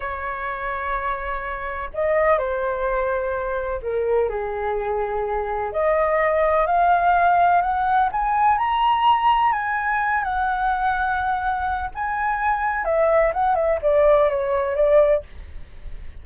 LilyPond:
\new Staff \with { instrumentName = "flute" } { \time 4/4 \tempo 4 = 126 cis''1 | dis''4 c''2. | ais'4 gis'2. | dis''2 f''2 |
fis''4 gis''4 ais''2 | gis''4. fis''2~ fis''8~ | fis''4 gis''2 e''4 | fis''8 e''8 d''4 cis''4 d''4 | }